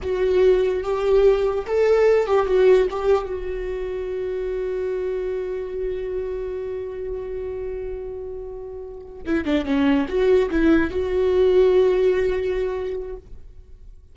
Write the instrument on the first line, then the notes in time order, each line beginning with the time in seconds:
viola
0.02 F#4
0.83 G4
1.66 A4
2.26 G4
2.46 F#4
2.90 G4
3.26 F#4
9.25 E4
9.44 D4
9.65 C#4
10.08 F#4
10.50 E4
10.90 F#4